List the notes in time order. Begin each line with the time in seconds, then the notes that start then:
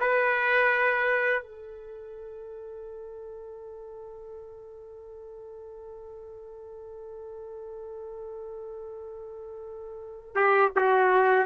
0.00 B4
1.43 A4
10.34 G4
10.76 F#4